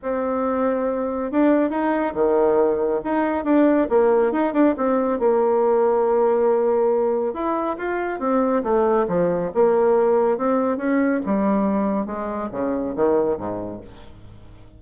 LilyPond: \new Staff \with { instrumentName = "bassoon" } { \time 4/4 \tempo 4 = 139 c'2. d'4 | dis'4 dis2 dis'4 | d'4 ais4 dis'8 d'8 c'4 | ais1~ |
ais4 e'4 f'4 c'4 | a4 f4 ais2 | c'4 cis'4 g2 | gis4 cis4 dis4 gis,4 | }